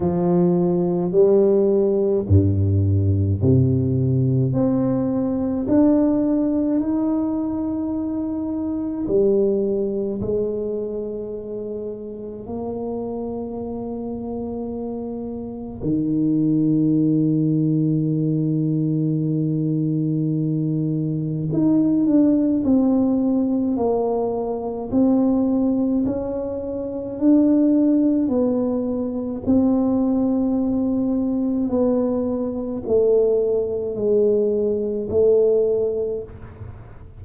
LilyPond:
\new Staff \with { instrumentName = "tuba" } { \time 4/4 \tempo 4 = 53 f4 g4 g,4 c4 | c'4 d'4 dis'2 | g4 gis2 ais4~ | ais2 dis2~ |
dis2. dis'8 d'8 | c'4 ais4 c'4 cis'4 | d'4 b4 c'2 | b4 a4 gis4 a4 | }